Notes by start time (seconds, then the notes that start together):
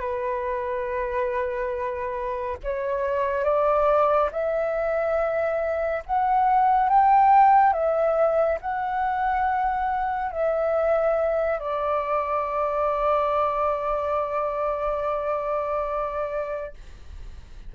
0.00 B4
2.64 C#5
3.44 D5
4.32 E5
6.06 F#5
6.89 G5
7.73 E5
8.61 F#5
10.32 E5
11.60 D5